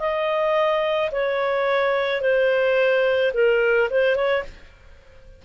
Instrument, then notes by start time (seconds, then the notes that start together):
clarinet
0.00 D#5
1.12 C#5
2.22 C5
3.34 A#4
3.91 C5
4.16 C#5